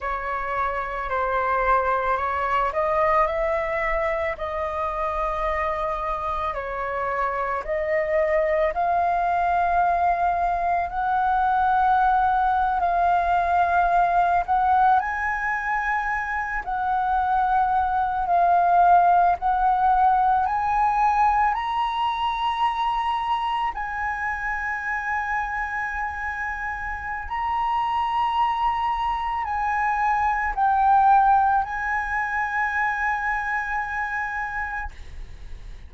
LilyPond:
\new Staff \with { instrumentName = "flute" } { \time 4/4 \tempo 4 = 55 cis''4 c''4 cis''8 dis''8 e''4 | dis''2 cis''4 dis''4 | f''2 fis''4.~ fis''16 f''16~ | f''4~ f''16 fis''8 gis''4. fis''8.~ |
fis''8. f''4 fis''4 gis''4 ais''16~ | ais''4.~ ais''16 gis''2~ gis''16~ | gis''4 ais''2 gis''4 | g''4 gis''2. | }